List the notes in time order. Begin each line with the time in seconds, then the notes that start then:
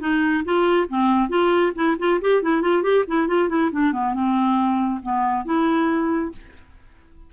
0.00 D#4
0.45 F4
0.89 C4
1.29 F4
1.75 E4
1.98 F4
2.21 G4
2.42 E4
2.61 F4
2.83 G4
3.08 E4
3.27 F4
3.48 E4
3.72 D4
3.92 B3
4.14 C4
5.02 B3
5.45 E4